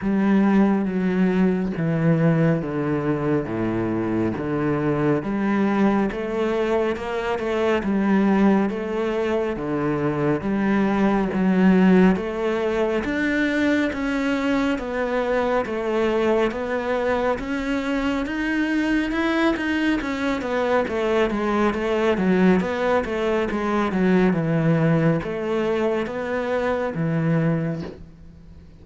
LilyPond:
\new Staff \with { instrumentName = "cello" } { \time 4/4 \tempo 4 = 69 g4 fis4 e4 d4 | a,4 d4 g4 a4 | ais8 a8 g4 a4 d4 | g4 fis4 a4 d'4 |
cis'4 b4 a4 b4 | cis'4 dis'4 e'8 dis'8 cis'8 b8 | a8 gis8 a8 fis8 b8 a8 gis8 fis8 | e4 a4 b4 e4 | }